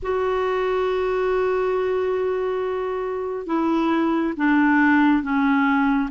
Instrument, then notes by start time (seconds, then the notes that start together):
clarinet
0.02 F#4
3.46 E4
4.36 D4
5.22 C#4